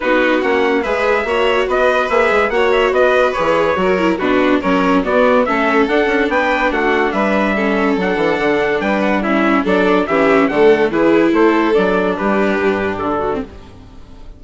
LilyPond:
<<
  \new Staff \with { instrumentName = "trumpet" } { \time 4/4 \tempo 4 = 143 b'4 fis''4 e''2 | dis''4 e''4 fis''8 e''8 dis''4 | cis''2 b'4 cis''4 | d''4 e''4 fis''4 g''4 |
fis''4 e''2 fis''4~ | fis''4 g''8 fis''8 e''4 d''4 | e''4 fis''4 b'4 c''4 | d''4 b'2 a'4 | }
  \new Staff \with { instrumentName = "violin" } { \time 4/4 fis'2 b'4 cis''4 | b'2 cis''4 b'4~ | b'4 ais'4 fis'4 ais'4 | fis'4 a'2 b'4 |
fis'4 b'4 a'2~ | a'4 b'4 e'4 a'4 | g'4 a'4 gis'4 a'4~ | a'4 g'2~ g'8 fis'8 | }
  \new Staff \with { instrumentName = "viola" } { \time 4/4 dis'4 cis'4 gis'4 fis'4~ | fis'4 gis'4 fis'2 | gis'4 fis'8 e'8 d'4 cis'4 | b4 cis'4 d'2~ |
d'2 cis'4 d'4~ | d'2 cis'4 d'4 | cis'4 a4 e'2 | d'2.~ d'8. c'16 | }
  \new Staff \with { instrumentName = "bassoon" } { \time 4/4 b4 ais4 gis4 ais4 | b4 ais8 gis8 ais4 b4 | e4 fis4 b,4 fis4 | b4 a4 d'8 cis'8 b4 |
a4 g2 fis8 e8 | d4 g2 fis4 | e4 d4 e4 a4 | fis4 g4 g,4 d4 | }
>>